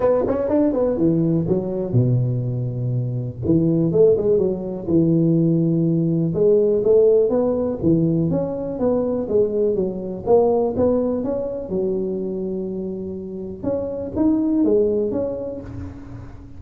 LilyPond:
\new Staff \with { instrumentName = "tuba" } { \time 4/4 \tempo 4 = 123 b8 cis'8 d'8 b8 e4 fis4 | b,2. e4 | a8 gis8 fis4 e2~ | e4 gis4 a4 b4 |
e4 cis'4 b4 gis4 | fis4 ais4 b4 cis'4 | fis1 | cis'4 dis'4 gis4 cis'4 | }